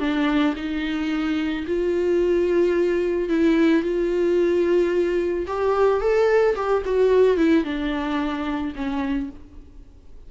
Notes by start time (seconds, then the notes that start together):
0.00 D4
0.57 D#4
1.67 F4
3.29 E4
3.83 F4
5.47 G4
6.01 A4
6.56 G4
6.86 F#4
7.37 E4
7.65 D4
8.76 C#4